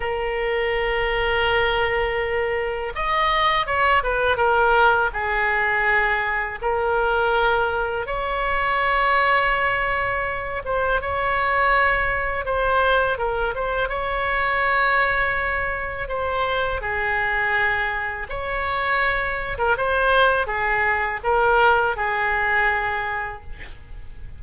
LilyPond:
\new Staff \with { instrumentName = "oboe" } { \time 4/4 \tempo 4 = 82 ais'1 | dis''4 cis''8 b'8 ais'4 gis'4~ | gis'4 ais'2 cis''4~ | cis''2~ cis''8 c''8 cis''4~ |
cis''4 c''4 ais'8 c''8 cis''4~ | cis''2 c''4 gis'4~ | gis'4 cis''4.~ cis''16 ais'16 c''4 | gis'4 ais'4 gis'2 | }